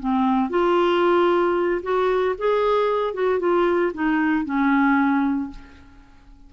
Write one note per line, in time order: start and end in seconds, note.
0.00 0.50 C4
0.50 1.81 F4
1.83 2.35 F#4
2.38 3.14 G#4
3.14 3.40 F#4
3.40 3.92 F4
3.94 4.45 D#4
4.45 5.50 C#4